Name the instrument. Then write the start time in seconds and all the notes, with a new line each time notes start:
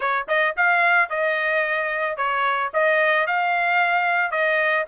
trumpet
0.00 C#5
0.28 D#5
0.57 F5
1.09 D#5
2.16 C#5
2.73 D#5
3.27 F5
4.31 D#5